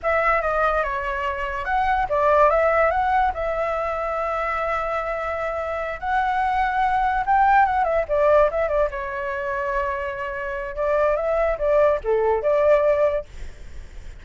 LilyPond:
\new Staff \with { instrumentName = "flute" } { \time 4/4 \tempo 4 = 145 e''4 dis''4 cis''2 | fis''4 d''4 e''4 fis''4 | e''1~ | e''2~ e''8 fis''4.~ |
fis''4. g''4 fis''8 e''8 d''8~ | d''8 e''8 d''8 cis''2~ cis''8~ | cis''2 d''4 e''4 | d''4 a'4 d''2 | }